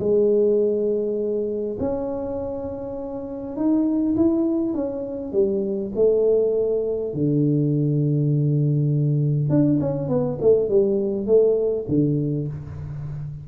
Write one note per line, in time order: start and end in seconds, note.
0.00 1.78 G#3
1.80 3.57 C#4
3.57 4.16 D#4
4.16 4.74 E4
4.74 5.33 C#4
5.33 5.92 G3
5.95 7.14 A3
7.14 9.50 D3
9.50 9.80 D4
9.81 10.09 C#4
10.09 10.39 B3
10.41 10.69 A3
10.69 11.27 G3
11.27 11.86 A3
11.89 12.48 D3